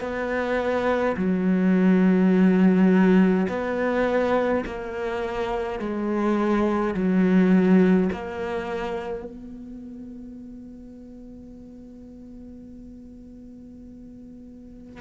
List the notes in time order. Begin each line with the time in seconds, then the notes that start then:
0.00 B3
1.16 F#3
3.48 B3
4.65 A#3
5.79 G#3
6.94 F#3
8.12 A#3
9.24 B3